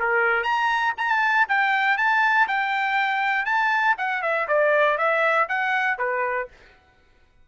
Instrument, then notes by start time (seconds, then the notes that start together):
trumpet
0.00 A#4
0.44 A#5
0.97 A5
1.49 G5
1.97 A5
2.48 G5
3.45 A5
3.98 F#5
4.22 E5
4.48 D5
4.98 E5
5.49 F#5
5.98 B4